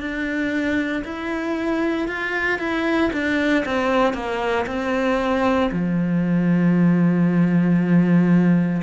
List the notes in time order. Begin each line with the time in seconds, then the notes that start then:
0.00 D4
1.05 E4
2.08 F4
2.59 E4
3.13 D4
3.65 C4
4.14 A#3
4.67 C4
5.72 F3